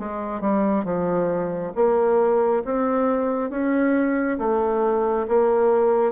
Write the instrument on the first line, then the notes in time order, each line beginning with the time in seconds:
bassoon
0.00 G#3
0.41 G3
0.85 F3
1.76 A#3
2.65 C4
3.51 C#4
4.39 A3
5.29 A#3